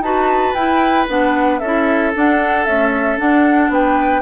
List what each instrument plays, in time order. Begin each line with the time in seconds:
0.00 bassoon D#4, clarinet F#4, oboe B4, flute A5
0.54 bassoon E4, clarinet E4, flute G5
1.08 bassoon B3, clarinet D4, flute F#5
1.59 bassoon C#4, clarinet E4, oboe A4, flute E5
2.14 clarinet D4, bassoon D4, flute F#5
2.65 clarinet A3, bassoon C#4, flute E5
3.17 clarinet D4, bassoon D4, flute F#5
3.69 bassoon B3, oboe B4, flute G5